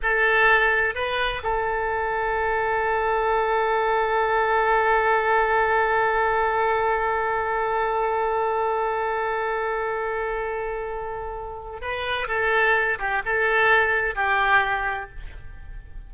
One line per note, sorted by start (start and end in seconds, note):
0.02 0.94 A4
0.94 1.42 B4
1.43 11.81 A4
11.81 12.27 B4
12.27 12.98 A4
12.98 13.22 G4
13.25 14.15 A4
14.15 15.09 G4